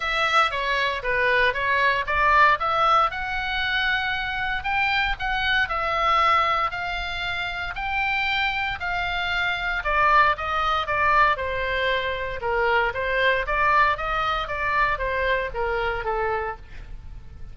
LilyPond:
\new Staff \with { instrumentName = "oboe" } { \time 4/4 \tempo 4 = 116 e''4 cis''4 b'4 cis''4 | d''4 e''4 fis''2~ | fis''4 g''4 fis''4 e''4~ | e''4 f''2 g''4~ |
g''4 f''2 d''4 | dis''4 d''4 c''2 | ais'4 c''4 d''4 dis''4 | d''4 c''4 ais'4 a'4 | }